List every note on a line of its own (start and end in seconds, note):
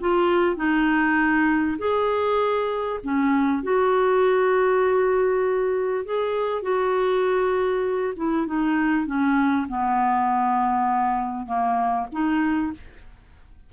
0.00 0.56 F4
0.56 1.77 D#4
1.78 2.99 G#4
3.03 3.63 C#4
3.63 6.05 F#4
6.05 6.62 G#4
6.62 8.14 F#4
8.16 8.47 E4
8.47 9.06 D#4
9.06 9.67 C#4
9.68 11.46 B3
11.46 12.07 A#3
12.12 12.73 D#4